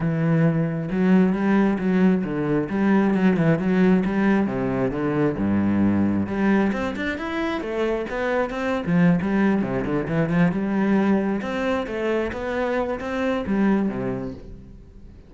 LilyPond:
\new Staff \with { instrumentName = "cello" } { \time 4/4 \tempo 4 = 134 e2 fis4 g4 | fis4 d4 g4 fis8 e8 | fis4 g4 c4 d4 | g,2 g4 c'8 d'8 |
e'4 a4 b4 c'8. f16~ | f8 g4 c8 d8 e8 f8 g8~ | g4. c'4 a4 b8~ | b4 c'4 g4 c4 | }